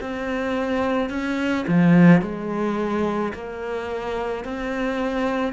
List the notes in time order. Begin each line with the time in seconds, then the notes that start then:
0.00 C4
1.10 C#4
1.67 F3
2.21 G#3
3.33 A#3
4.44 C4